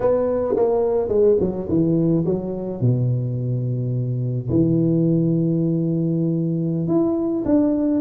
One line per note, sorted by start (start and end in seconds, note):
0.00 0.55 B3
0.56 1.08 A#3
1.08 1.36 G#3
1.39 1.67 F#3
1.68 2.25 E3
2.25 2.80 F#3
2.80 4.49 B2
4.49 6.87 E3
6.87 7.43 E4
7.45 8.00 D4